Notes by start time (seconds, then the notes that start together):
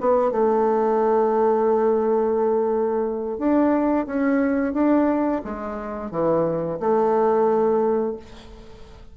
0.00 B3
0.31 A3
3.38 D4
4.06 C#4
4.73 D4
5.44 G#3
6.11 E3
6.80 A3